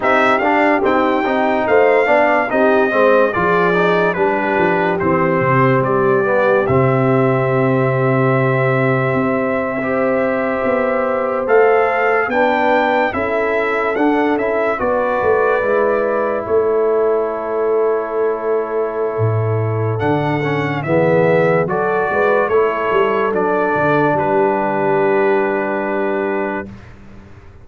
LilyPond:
<<
  \new Staff \with { instrumentName = "trumpet" } { \time 4/4 \tempo 4 = 72 e''8 f''8 g''4 f''4 dis''4 | d''4 b'4 c''4 d''4 | e''1~ | e''4.~ e''16 f''4 g''4 e''16~ |
e''8. fis''8 e''8 d''2 cis''16~ | cis''1 | fis''4 e''4 d''4 cis''4 | d''4 b'2. | }
  \new Staff \with { instrumentName = "horn" } { \time 4/4 g'2 c''8 d''8 g'8 c''8 | gis'4 g'2.~ | g'2.~ g'8. c''16~ | c''2~ c''8. b'4 a'16~ |
a'4.~ a'16 b'2 a'16~ | a'1~ | a'4 gis'4 a'8 b'8 a'4~ | a'4 g'2. | }
  \new Staff \with { instrumentName = "trombone" } { \time 4/4 dis'8 d'8 c'8 dis'4 d'8 dis'8 c'8 | f'8 dis'8 d'4 c'4. b8 | c'2.~ c'8. g'16~ | g'4.~ g'16 a'4 d'4 e'16~ |
e'8. d'8 e'8 fis'4 e'4~ e'16~ | e'1 | d'8 cis'8 b4 fis'4 e'4 | d'1 | }
  \new Staff \with { instrumentName = "tuba" } { \time 4/4 c'8 d'8 dis'8 c'8 a8 b8 c'8 gis8 | f4 g8 f8 e8 c8 g4 | c2. c'4~ | c'8. b4 a4 b4 cis'16~ |
cis'8. d'8 cis'8 b8 a8 gis4 a16~ | a2. a,4 | d4 e4 fis8 gis8 a8 g8 | fis8 d8 g2. | }
>>